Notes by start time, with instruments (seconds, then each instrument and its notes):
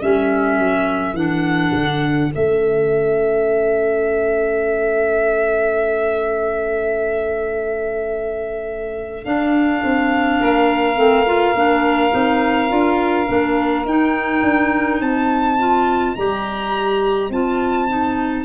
0.00 tuba G3, clarinet C#4, saxophone A4, violin E5
0.58 tuba F#3
1.13 tuba E3, clarinet D4, violin F#5
1.73 tuba D3
2.31 tuba A3, clarinet C#4, violin E5
9.24 clarinet D4, tuba D4, violin F5
9.83 tuba C4
10.40 tuba A#3, saxophone A#4
10.95 tuba A3, clarinet C4
11.26 clarinet F4
11.55 tuba A#3, clarinet D4
12.11 tuba C4, clarinet D#4
12.69 tuba D4, clarinet F4
13.27 tuba A#3, clarinet D4
13.85 tuba D#4, clarinet D#4, violin G5
14.43 tuba D4
15.00 tuba C4, saxophone D#5, violin A5
15.58 clarinet F4
16.15 tuba G3, clarinet G4, violin A#5
17.30 tuba C4, clarinet F4, violin A5
17.88 clarinet D#4